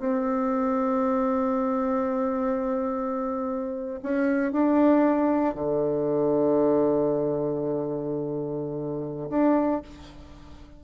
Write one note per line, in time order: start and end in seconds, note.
0.00 4.01 C4
4.03 4.53 C#4
4.53 5.55 D4
5.55 9.30 D3
9.30 9.82 D4